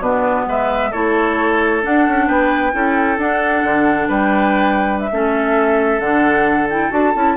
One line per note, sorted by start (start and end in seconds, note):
0.00 0.45 B2
0.00 0.92 B3
0.00 0.45 D4
0.00 0.47 B4
0.46 0.92 G#3
0.46 0.90 B4
0.46 0.92 E5
0.90 1.84 A3
0.90 1.82 E4
0.90 2.26 A4
0.90 1.82 C#5
1.82 2.72 D4
1.82 2.07 D4
1.82 2.27 F#5
2.07 2.28 C#4
2.27 2.73 B3
2.27 2.72 B4
2.27 3.18 G5
2.72 3.17 C#4
2.72 3.17 E4
2.72 4.08 A4
3.17 3.63 D4
3.17 5.10 D4
3.17 4.09 F#5
3.63 4.08 D3
4.08 5.10 G3
4.08 5.10 B4
4.08 5.00 G5
5.00 6.00 E5
5.11 5.99 A3
5.11 6.00 C#4
5.11 7.36 A4
5.99 6.89 D3
5.99 6.68 D4
5.99 6.67 F#5
6.69 6.90 E4
6.69 6.92 G5
6.90 7.14 D4
6.90 7.12 F#4
6.90 7.36 A5
7.14 7.36 C#4
7.14 7.36 E4